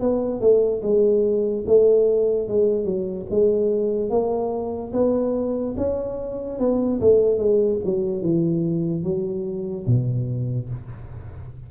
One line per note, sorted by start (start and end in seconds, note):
0.00 0.40 B3
0.40 0.81 A3
0.82 1.64 G#3
1.66 2.48 A3
2.48 2.84 G#3
2.84 3.25 F#3
3.30 4.09 G#3
4.09 4.92 A#3
4.92 5.75 B3
5.76 6.59 C#4
6.59 7.00 B3
7.00 7.38 A3
7.38 7.79 G#3
7.84 8.22 F#3
8.22 9.03 E3
9.03 9.85 F#3
9.86 10.68 B2